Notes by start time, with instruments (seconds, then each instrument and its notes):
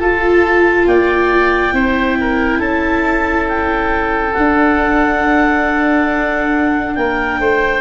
0.00 tuba F4, viola F4, oboe A4, clarinet A5
0.87 tuba A#3, oboe D5, clarinet G5
1.72 tuba C4, viola E4, oboe C5
2.20 oboe A#4
2.59 tuba C#4, oboe A4, clarinet A5
3.48 clarinet G5
4.34 viola D4, tuba D4, clarinet F#5
6.95 tuba A#3, oboe A#4, clarinet G5
7.40 tuba A3, oboe C5